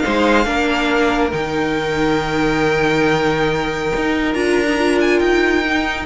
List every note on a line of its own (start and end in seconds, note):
0.00 0.45 D#4
0.00 0.47 C5
0.00 1.29 F5
0.07 0.46 G#3
0.45 1.32 A#3
0.45 1.32 D4
0.45 6.06 A#4
1.32 3.93 D#3
1.32 4.34 D#4
1.32 4.34 G5
3.97 4.35 D#4
4.34 5.21 D4
4.34 4.67 F4
4.34 4.99 A#5
4.69 4.78 D#4
4.78 5.65 F4
5.01 5.20 G#5
5.20 6.06 D#4
5.20 6.06 G5
5.65 6.06 D#4